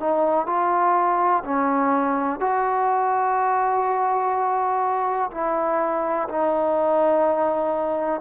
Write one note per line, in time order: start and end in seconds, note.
0.00 0.47 D#4
0.47 1.44 F4
1.45 2.41 C#4
2.41 5.31 F#4
5.31 6.28 E4
6.29 8.21 D#4